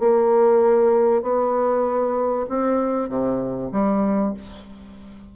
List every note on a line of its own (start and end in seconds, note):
0.00 1.23 A#3
1.23 2.46 B3
2.49 3.09 C4
3.09 3.71 C3
3.73 4.34 G3